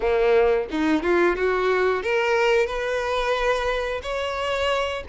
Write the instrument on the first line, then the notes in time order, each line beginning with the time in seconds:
violin
0.00 A#3
0.70 D#4
1.02 F4
1.35 F#4
2.03 A#4
2.66 B4
4.02 C#5